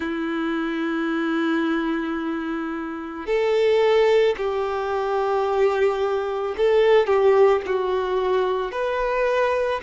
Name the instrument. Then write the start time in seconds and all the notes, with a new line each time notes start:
violin
0.00 E4
3.26 A4
4.37 G4
6.57 A4
7.06 G4
7.66 F#4
8.71 B4